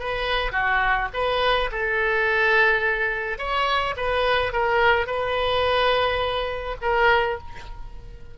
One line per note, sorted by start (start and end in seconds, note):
0.00 0.52 B4
0.52 1.09 F#4
1.14 1.71 B4
1.72 3.39 A4
3.39 3.95 C#5
3.97 4.53 B4
4.53 5.07 A#4
5.07 6.77 B4
6.82 7.38 A#4